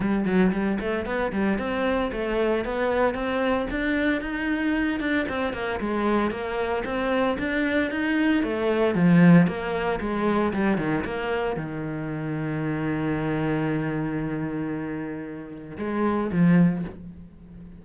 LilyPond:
\new Staff \with { instrumentName = "cello" } { \time 4/4 \tempo 4 = 114 g8 fis8 g8 a8 b8 g8 c'4 | a4 b4 c'4 d'4 | dis'4. d'8 c'8 ais8 gis4 | ais4 c'4 d'4 dis'4 |
a4 f4 ais4 gis4 | g8 dis8 ais4 dis2~ | dis1~ | dis2 gis4 f4 | }